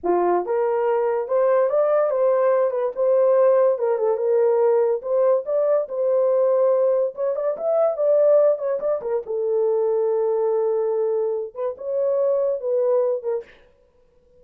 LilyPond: \new Staff \with { instrumentName = "horn" } { \time 4/4 \tempo 4 = 143 f'4 ais'2 c''4 | d''4 c''4. b'8 c''4~ | c''4 ais'8 a'8 ais'2 | c''4 d''4 c''2~ |
c''4 cis''8 d''8 e''4 d''4~ | d''8 cis''8 d''8 ais'8 a'2~ | a'2.~ a'8 b'8 | cis''2 b'4. ais'8 | }